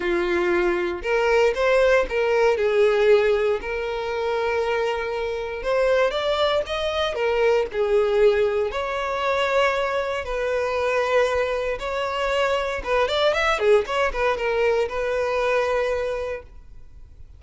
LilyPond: \new Staff \with { instrumentName = "violin" } { \time 4/4 \tempo 4 = 117 f'2 ais'4 c''4 | ais'4 gis'2 ais'4~ | ais'2. c''4 | d''4 dis''4 ais'4 gis'4~ |
gis'4 cis''2. | b'2. cis''4~ | cis''4 b'8 d''8 e''8 gis'8 cis''8 b'8 | ais'4 b'2. | }